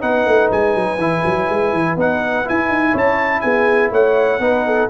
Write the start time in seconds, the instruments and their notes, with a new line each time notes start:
0.00 tuba B3, trombone D#4, horn B4, trumpet F#5
0.26 tuba A3
0.51 tuba G#3, trumpet G#5
0.75 tuba F#3
0.98 tuba E3, trombone E4
1.25 tuba F#3
1.49 tuba G#3
1.73 tuba E3
1.96 tuba B3, trombone D#4, trumpet F#5
2.45 trombone E4, tuba E4, trumpet G#5
2.68 tuba D#4
2.92 tuba C#4, horn C#5
2.98 trumpet A5
3.41 tuba B3, horn G#4, trumpet G#5
3.91 tuba A3, horn C#5, trumpet F#5
4.40 tuba B3, trombone D#4, horn B4
4.66 horn A4